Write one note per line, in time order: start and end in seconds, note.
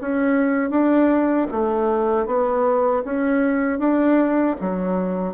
0.00 0.70 C#4
0.70 1.47 D4
1.51 2.26 A3
2.26 3.03 B3
3.04 3.79 C#4
3.79 4.56 D4
4.60 5.34 F#3